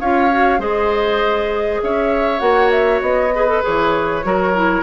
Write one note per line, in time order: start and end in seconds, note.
0.00 0.59 C#4
0.00 0.31 F4
0.00 0.60 C#5
0.00 0.61 F5
0.31 0.59 F#4
0.59 1.80 G#3
0.59 2.39 G#4
0.59 1.81 C5
0.59 1.82 D#5
1.82 2.41 C#4
1.82 3.34 C#5
1.82 2.39 E5
2.39 3.01 A#3
2.39 3.30 F#4
2.39 2.70 F#5
2.71 3.01 E5
3.01 3.62 B3
3.01 3.62 D#5
3.34 3.48 G#4
3.34 4.25 B4
3.48 3.62 A4
3.62 4.24 E3
3.62 4.23 G#4
3.62 4.83 C#5
4.23 4.83 F#3
4.23 4.54 F#4
4.23 4.83 A#4
4.55 4.83 E4